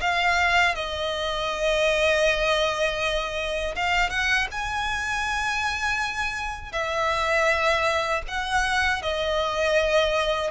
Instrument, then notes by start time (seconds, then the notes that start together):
violin
0.00 F5
0.75 D#5
3.75 F5
4.09 F#5
4.51 G#5
6.72 E5
8.27 F#5
9.02 D#5